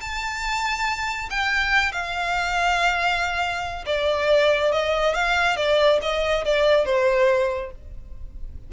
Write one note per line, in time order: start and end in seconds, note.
0.00 1.29 A5
1.30 1.91 G5
1.91 3.84 F5
3.86 4.71 D5
4.71 5.14 D#5
5.14 5.56 F5
5.56 5.99 D5
6.01 6.44 D#5
6.44 6.85 D5
6.85 7.71 C5